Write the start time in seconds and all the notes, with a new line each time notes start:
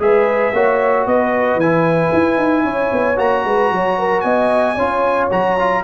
0.00 G#3 G#4 B4 E5
0.54 A#3 F#4 C#5
1.07 B3 B4 D#5
1.56 E3 G#5
1.63 E4
2.13 E4
2.38 D#4
2.65 C#4 C#5
2.93 B3
3.17 A#3 F#4 A#5
3.45 G#3 B4
3.72 F#3 C#5
3.99 A#4
4.21 B3 D#5 G#5
4.75 C#4 F4 C#5
5.31 F#3 F#4 A#5
5.60 F4